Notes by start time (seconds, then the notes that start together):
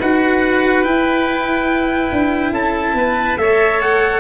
0.00 D#4 F#4 B4 F#5
0.83 E4 G5
2.12 D4
2.52 C#4 A4 A5
2.94 B3 B4
3.38 A3 A4 C#5 E5
3.81 F#5